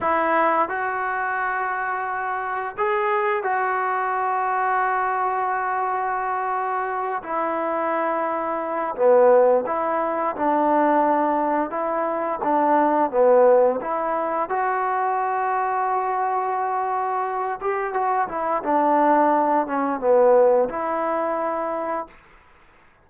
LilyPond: \new Staff \with { instrumentName = "trombone" } { \time 4/4 \tempo 4 = 87 e'4 fis'2. | gis'4 fis'2.~ | fis'2~ fis'8 e'4.~ | e'4 b4 e'4 d'4~ |
d'4 e'4 d'4 b4 | e'4 fis'2.~ | fis'4. g'8 fis'8 e'8 d'4~ | d'8 cis'8 b4 e'2 | }